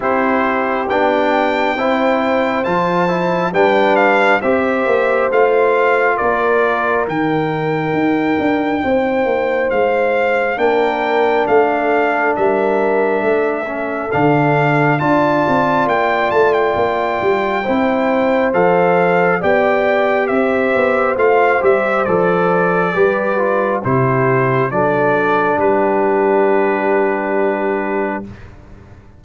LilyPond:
<<
  \new Staff \with { instrumentName = "trumpet" } { \time 4/4 \tempo 4 = 68 c''4 g''2 a''4 | g''8 f''8 e''4 f''4 d''4 | g''2. f''4 | g''4 f''4 e''2 |
f''4 a''4 g''8 a''16 g''4~ g''16~ | g''4 f''4 g''4 e''4 | f''8 e''8 d''2 c''4 | d''4 b'2. | }
  \new Staff \with { instrumentName = "horn" } { \time 4/4 g'2 c''2 | b'4 c''2 ais'4~ | ais'2 c''2 | ais'4 a'4 ais'4 a'4~ |
a'4 d''2. | c''2 d''4 c''4~ | c''2 b'4 g'4 | a'4 g'2. | }
  \new Staff \with { instrumentName = "trombone" } { \time 4/4 e'4 d'4 e'4 f'8 e'8 | d'4 g'4 f'2 | dis'1 | d'2.~ d'8 cis'8 |
d'4 f'2. | e'4 a'4 g'2 | f'8 g'8 a'4 g'8 f'8 e'4 | d'1 | }
  \new Staff \with { instrumentName = "tuba" } { \time 4/4 c'4 b4 c'4 f4 | g4 c'8 ais8 a4 ais4 | dis4 dis'8 d'8 c'8 ais8 gis4 | ais4 a4 g4 a4 |
d4 d'8 c'8 ais8 a8 ais8 g8 | c'4 f4 b4 c'8 b8 | a8 g8 f4 g4 c4 | fis4 g2. | }
>>